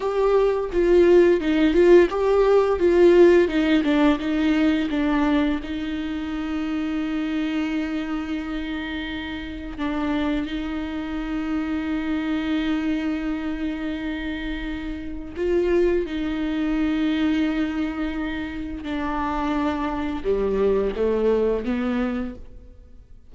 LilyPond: \new Staff \with { instrumentName = "viola" } { \time 4/4 \tempo 4 = 86 g'4 f'4 dis'8 f'8 g'4 | f'4 dis'8 d'8 dis'4 d'4 | dis'1~ | dis'2 d'4 dis'4~ |
dis'1~ | dis'2 f'4 dis'4~ | dis'2. d'4~ | d'4 g4 a4 b4 | }